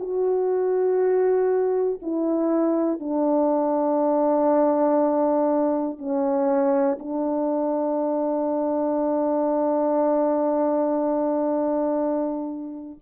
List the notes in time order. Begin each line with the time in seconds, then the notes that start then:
0.00 F#4
2.03 E4
3.00 D4
5.99 C#4
7.00 D4